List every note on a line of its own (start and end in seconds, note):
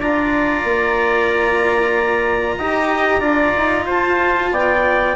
0.00 0.64 D4
0.00 2.59 F4
0.00 2.58 D5
0.00 3.88 A#5
0.64 2.57 A#3
2.58 3.21 D#4
2.58 3.21 G4
2.58 3.20 D#5
3.20 3.53 D4
3.20 5.14 F4
3.20 3.84 D5
3.56 3.87 D#4
3.86 4.51 F4
3.86 4.51 C5
3.86 4.53 A5
4.51 5.15 B3
4.51 5.16 D5
4.51 5.16 G5